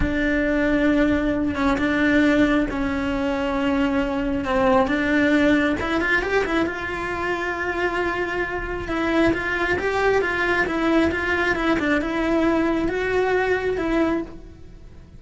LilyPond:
\new Staff \with { instrumentName = "cello" } { \time 4/4 \tempo 4 = 135 d'2.~ d'8 cis'8 | d'2 cis'2~ | cis'2 c'4 d'4~ | d'4 e'8 f'8 g'8 e'8 f'4~ |
f'1 | e'4 f'4 g'4 f'4 | e'4 f'4 e'8 d'8 e'4~ | e'4 fis'2 e'4 | }